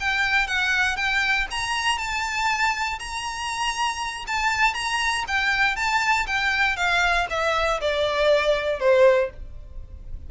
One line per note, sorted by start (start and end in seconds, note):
0.00 0.47 G5
0.47 0.97 F#5
0.97 1.47 G5
1.51 1.98 A#5
1.98 2.99 A5
3.00 4.26 A#5
4.27 4.74 A5
4.74 5.24 A#5
5.28 5.76 G5
5.76 6.27 A5
6.27 6.77 G5
6.77 7.27 F5
7.30 7.81 E5
7.81 8.80 D5
8.80 9.30 C5